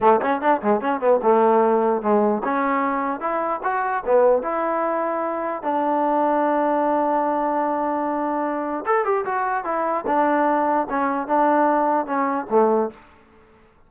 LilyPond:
\new Staff \with { instrumentName = "trombone" } { \time 4/4 \tempo 4 = 149 a8 cis'8 d'8 gis8 cis'8 b8 a4~ | a4 gis4 cis'2 | e'4 fis'4 b4 e'4~ | e'2 d'2~ |
d'1~ | d'2 a'8 g'8 fis'4 | e'4 d'2 cis'4 | d'2 cis'4 a4 | }